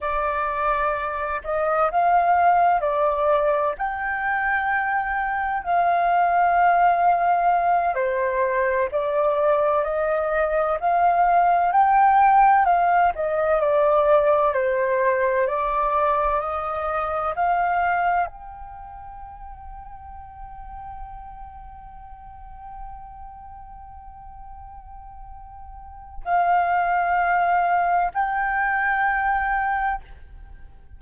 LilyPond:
\new Staff \with { instrumentName = "flute" } { \time 4/4 \tempo 4 = 64 d''4. dis''8 f''4 d''4 | g''2 f''2~ | f''8 c''4 d''4 dis''4 f''8~ | f''8 g''4 f''8 dis''8 d''4 c''8~ |
c''8 d''4 dis''4 f''4 g''8~ | g''1~ | g''1 | f''2 g''2 | }